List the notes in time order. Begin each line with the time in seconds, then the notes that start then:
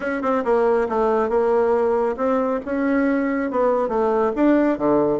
0.00 C#4
0.22 C4
0.44 A#3
0.88 A3
1.29 A#3
2.16 C4
2.65 C#4
3.50 B3
3.88 A3
4.35 D4
4.77 D3